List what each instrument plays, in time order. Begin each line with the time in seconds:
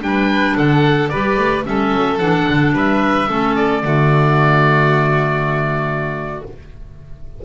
0.00 double bass G3, clarinet D4, oboe G5
0.06 violin B4
0.57 double bass D3, violin A4, oboe F#5
1.09 double bass G3, clarinet G4, violin B4, oboe D5
1.37 double bass A3
1.64 double bass G3, clarinet C#4, violin A4, oboe E5
1.93 double bass F#3
2.18 double bass E3, clarinet D4, oboe F#5
2.50 double bass D3
2.73 double bass G3, violin B4, oboe E5
3.28 double bass A3, clarinet C#4, violin A4
3.56 oboe D5
3.83 double bass D3, clarinet A3, violin F#4